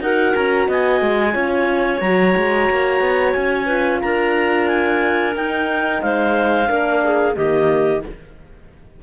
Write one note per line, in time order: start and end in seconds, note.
0.00 0.33 D#4
0.00 1.32 F#4
0.00 0.67 A#4
0.00 0.35 F#5
0.35 0.68 C#4
0.35 0.68 A#5
0.67 1.01 B3
0.67 1.33 D#5
0.67 2.00 G#5
1.01 1.34 G#3
1.32 2.01 C#4
1.32 1.99 F4
1.32 3.65 C#5
2.00 2.34 F#3
2.00 3.68 F#4
2.00 3.32 A#5
2.36 2.69 G#3
2.70 3.00 A#3
3.00 3.33 B3
3.32 4.02 C#4
3.32 3.99 G#5
3.65 5.34 F4
3.65 3.98 B4
4.01 5.36 D4
4.01 6.02 A#4
4.01 4.67 A#5
4.67 5.34 G#5
5.35 6.67 D#4
5.35 6.02 D#4
5.35 6.01 G5
6.01 6.69 G#3
6.01 6.68 C5
6.01 7.35 F5
6.67 7.36 A#3
6.67 7.34 D4
6.67 7.02 A#4
7.03 7.36 G#4
7.34 8.03 D#3
7.34 8.01 A#3
7.34 8.02 G4
7.34 8.02 D#5